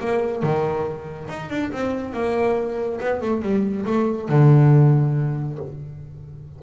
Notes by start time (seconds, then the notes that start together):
0.00 A#3
0.43 D#3
1.28 D#4
1.50 D4
1.72 C4
2.13 A#3
3.00 B3
3.21 A3
3.42 G3
3.86 A3
4.29 D3